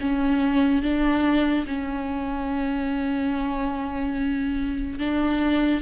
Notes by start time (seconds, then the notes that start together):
0.00 C#4
0.82 D4
1.67 C#4
4.98 D4